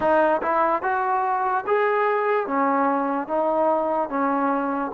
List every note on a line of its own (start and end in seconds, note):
0.00 0.41 D#4
0.41 0.82 E4
0.82 1.64 F#4
1.67 2.47 G#4
2.47 3.27 C#4
3.27 4.09 D#4
4.09 4.91 C#4